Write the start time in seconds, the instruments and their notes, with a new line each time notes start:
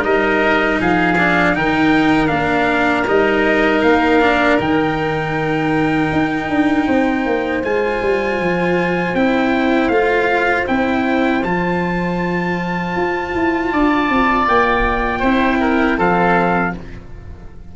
0.00 tuba G3, cello D#4, oboe A#4, trumpet D#5
0.80 tuba F3, oboe G#4, trumpet F5
1.18 cello D4
1.54 tuba D#3, cello D#4, oboe A#4, trumpet G5
2.28 tuba A#3, cello D4, trumpet F5
3.07 tuba G3, cello D#4, trumpet D#5
3.82 tuba A#3, trumpet F5
4.21 cello D4
4.59 tuba D#3, cello D#4, trumpet G5
6.12 tuba D#4
6.49 tuba D4
6.86 tuba C4, oboe C5
7.26 tuba A#3
7.64 tuba G#3, cello F4, trumpet G#5
8.02 tuba G3
8.39 tuba F3
9.14 tuba C4, cello E4, trumpet G5
9.88 tuba A3, cello F4, trumpet F5
10.66 tuba C4, cello E4, trumpet G5
11.43 tuba F3, cello F4, trumpet A5
12.96 tuba F4
13.34 tuba E4
13.72 tuba D4, oboe D5
14.09 tuba C4
14.48 tuba A#3, trumpet G5
15.19 tuba C4, cello E4, oboe C5
15.60 oboe A#4
15.97 tuba F3, cello C4, oboe A4, trumpet F5